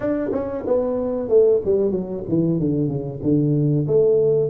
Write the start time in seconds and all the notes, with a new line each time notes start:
0.00 D4
0.32 C#4
0.66 B3
1.28 A3
1.64 G3
1.91 F#3
2.28 E3
2.59 D3
2.87 C#3
3.22 D3
3.87 A3